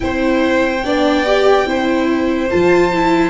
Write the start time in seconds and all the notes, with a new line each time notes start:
0.00 C4 E4 C5 G5
0.84 B3 D4 D5
1.25 G4
1.65 C4 E4 C5
2.50 F3 F4 A5
2.93 E4